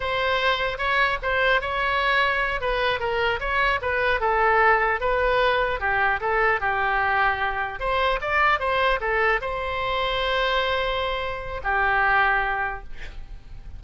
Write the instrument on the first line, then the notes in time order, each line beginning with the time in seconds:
oboe
0.00 C5
0.77 C#5
1.22 C5
1.61 C#5
2.61 B4
2.99 A#4
3.40 C#5
3.81 B4
4.20 A4
5.00 B4
5.79 G4
6.20 A4
6.60 G4
7.79 C5
8.21 D5
8.59 C5
9.00 A4
9.41 C5
11.63 G4